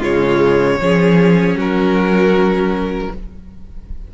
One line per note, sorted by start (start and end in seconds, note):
0.00 0.80 C#3
0.00 0.79 G#3
0.00 0.77 F4
0.00 1.57 C#5
0.80 1.55 F3
0.80 3.12 C#4
0.80 1.58 G#4
1.55 3.08 F#3
1.55 3.11 F#4
1.55 3.14 A#4